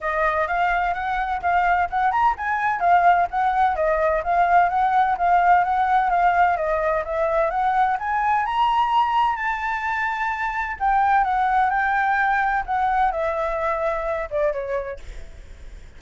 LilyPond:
\new Staff \with { instrumentName = "flute" } { \time 4/4 \tempo 4 = 128 dis''4 f''4 fis''4 f''4 | fis''8 ais''8 gis''4 f''4 fis''4 | dis''4 f''4 fis''4 f''4 | fis''4 f''4 dis''4 e''4 |
fis''4 gis''4 ais''2 | a''2. g''4 | fis''4 g''2 fis''4 | e''2~ e''8 d''8 cis''4 | }